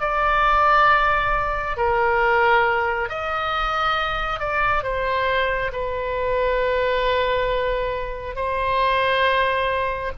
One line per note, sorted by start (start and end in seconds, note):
0.00 1.76 D5
1.76 3.09 A#4
3.09 4.39 D#5
4.39 4.83 D5
4.83 5.71 C5
5.72 8.35 B4
8.35 10.12 C5